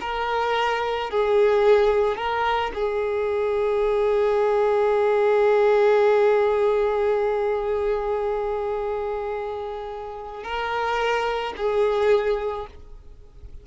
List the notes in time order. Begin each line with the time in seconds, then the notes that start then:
0.00 A#4
1.10 G#4
2.16 A#4
2.74 G#4
10.43 A#4
11.56 G#4